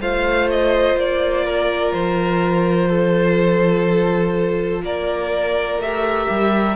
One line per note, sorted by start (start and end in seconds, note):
0.00 0.95 A3
0.00 5.82 F4
0.00 1.45 C5
0.00 0.50 F5
0.50 0.98 D#5
0.95 1.92 A#3
0.95 1.92 D5
1.45 2.89 A#4
1.92 4.82 F3
1.92 4.83 C5
2.89 4.82 A4
4.82 5.78 A#3
4.82 6.76 A#4
4.82 5.81 D5
5.78 6.26 A3
5.78 6.76 G4
5.78 6.76 E5
6.30 6.76 G3